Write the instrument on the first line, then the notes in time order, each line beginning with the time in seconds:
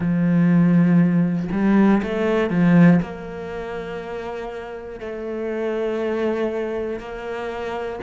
cello
0.00 F3
1.52 G3
2.02 A3
2.50 F3
3.02 A#3
5.00 A3
6.99 A#3